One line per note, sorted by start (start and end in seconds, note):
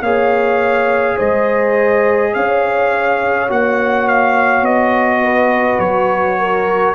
0.00 1.15 A#3
0.00 3.49 G#4
0.00 1.16 C#5
0.00 1.17 F5
1.16 2.35 G#3
1.16 2.31 C5
1.16 2.34 D#5
2.34 3.49 C#4
2.34 5.23 C#5
2.34 3.49 F5
3.49 4.61 A#3
3.49 6.94 F#4
3.49 4.07 F#5
4.07 4.64 F5
4.61 5.77 B3
4.61 5.79 D#5
5.23 6.38 B4
5.78 6.94 F#3
5.78 6.94 C#5
6.38 6.94 A#4